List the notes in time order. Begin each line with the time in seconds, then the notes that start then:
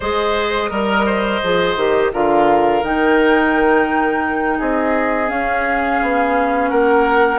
0.00 G#3 G#4 C5 D#5
0.69 G3 A#4
1.06 C5
1.43 F3 G#4
1.76 D#3 G4
2.12 D3 F4 A#4 F5
2.82 D#3 D#4 G5
4.58 C4 G#4 D#5
5.27 C#4 F5
6.02 B3
6.69 A#3 A#4 F#5